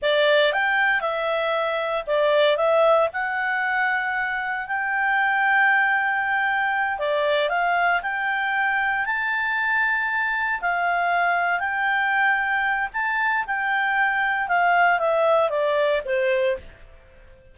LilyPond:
\new Staff \with { instrumentName = "clarinet" } { \time 4/4 \tempo 4 = 116 d''4 g''4 e''2 | d''4 e''4 fis''2~ | fis''4 g''2.~ | g''4. d''4 f''4 g''8~ |
g''4. a''2~ a''8~ | a''8 f''2 g''4.~ | g''4 a''4 g''2 | f''4 e''4 d''4 c''4 | }